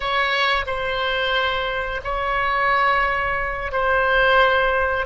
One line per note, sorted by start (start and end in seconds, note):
0.00 0.65 C#5
0.66 2.01 C5
2.03 3.72 C#5
3.72 5.06 C5